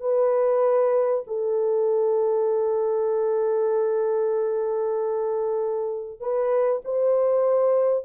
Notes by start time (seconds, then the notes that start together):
0.00 B4
1.27 A4
6.20 B4
6.84 C5